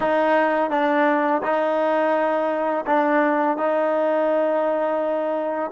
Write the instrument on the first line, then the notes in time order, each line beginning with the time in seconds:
trombone
0.00 D#4
0.70 D4
1.42 D#4
2.86 D4
3.57 D#4